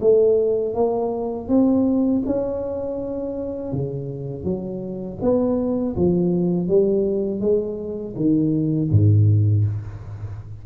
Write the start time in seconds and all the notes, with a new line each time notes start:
0.00 A3
0.74 A#3
1.48 C4
2.26 C#4
3.72 C#3
4.44 F#3
5.22 B3
5.96 F3
6.68 G3
7.40 G#3
8.16 D#3
8.91 G#2